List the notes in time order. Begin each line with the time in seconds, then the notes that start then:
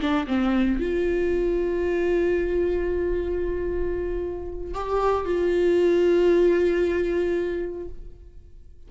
0.00 D4
0.27 C4
0.79 F4
4.74 G4
5.25 F4